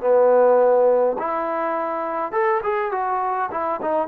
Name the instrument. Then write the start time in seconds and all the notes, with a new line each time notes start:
trombone
0.00 B3
1.18 E4
2.32 A4
2.63 G#4
2.91 F#4
3.51 E4
3.81 D#4